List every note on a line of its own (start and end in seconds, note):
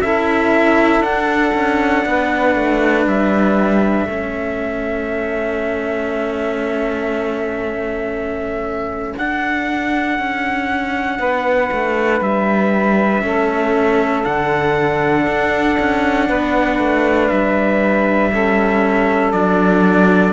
0.00 1.00 C#4
0.00 1.04 E4
0.00 2.07 A4
0.00 1.03 E5
1.00 1.51 D4
1.00 4.09 D4
1.00 3.07 F#5
1.54 2.05 C#4
2.06 2.56 B3
2.06 4.08 B4
2.56 3.06 A3
3.07 4.05 G3
3.07 9.18 E5
4.05 9.14 A3
4.05 9.18 C#4
4.05 11.20 A4
9.18 13.22 D4
9.18 10.19 D4
9.18 12.23 F#5
10.19 11.19 C#4
11.19 11.70 B3
11.19 13.23 B4
11.72 12.21 A3
12.21 13.23 G3
12.21 14.25 E5
13.22 14.25 A3
13.22 14.24 C#4
13.22 16.28 A4
14.24 15.27 D3
14.24 18.31 D4
14.24 17.28 F#5
15.27 15.78 D4
15.80 16.29 C#4
16.28 16.79 B3
16.28 18.32 B4
16.79 17.30 A3
17.28 19.32 G3
17.28 19.32 E5
18.32 19.34 C#4
18.32 20.33 A4
19.32 20.33 F#3
19.32 20.33 D4
19.32 20.33 D5